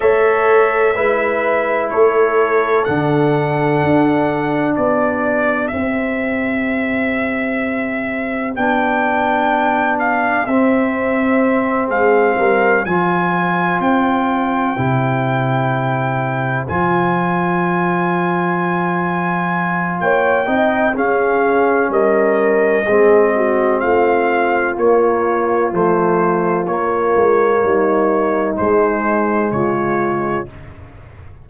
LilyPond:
<<
  \new Staff \with { instrumentName = "trumpet" } { \time 4/4 \tempo 4 = 63 e''2 cis''4 fis''4~ | fis''4 d''4 e''2~ | e''4 g''4. f''8 e''4~ | e''8 f''4 gis''4 g''4.~ |
g''4. gis''2~ gis''8~ | gis''4 g''4 f''4 dis''4~ | dis''4 f''4 cis''4 c''4 | cis''2 c''4 cis''4 | }
  \new Staff \with { instrumentName = "horn" } { \time 4/4 cis''4 b'4 a'2~ | a'4 g'2.~ | g'1~ | g'8 gis'8 ais'8 c''2~ c''8~ |
c''1~ | c''4 cis''8 dis''8 gis'4 ais'4 | gis'8 fis'8 f'2.~ | f'4 dis'2 f'4 | }
  \new Staff \with { instrumentName = "trombone" } { \time 4/4 a'4 e'2 d'4~ | d'2 c'2~ | c'4 d'2 c'4~ | c'4. f'2 e'8~ |
e'4. f'2~ f'8~ | f'4. dis'8 cis'2 | c'2 ais4 a4 | ais2 gis2 | }
  \new Staff \with { instrumentName = "tuba" } { \time 4/4 a4 gis4 a4 d4 | d'4 b4 c'2~ | c'4 b2 c'4~ | c'8 gis8 g8 f4 c'4 c8~ |
c4. f2~ f8~ | f4 ais8 c'8 cis'4 g4 | gis4 a4 ais4 f4 | ais8 gis8 g4 gis4 cis4 | }
>>